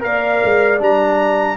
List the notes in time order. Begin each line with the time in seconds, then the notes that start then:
0.00 A#3 A#4 D5 F5
0.44 G#3
0.79 G3 D4 A#5